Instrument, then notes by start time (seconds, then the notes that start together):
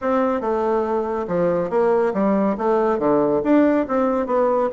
bassoon
0.01 C4
0.40 A3
1.27 F3
1.70 A#3
2.13 G3
2.57 A3
2.98 D3
3.43 D4
3.87 C4
4.26 B3